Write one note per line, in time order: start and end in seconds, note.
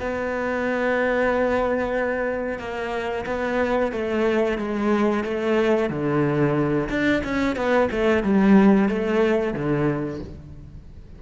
0.00 2.59 B3
2.59 3.25 A#3
3.27 3.93 B3
3.93 4.59 A3
4.59 5.24 G#3
5.24 5.90 A3
5.90 6.89 D3
6.90 7.23 D4
7.25 7.56 C#4
7.56 7.89 B3
7.92 8.24 A3
8.24 8.89 G3
8.89 9.54 A3
9.54 10.20 D3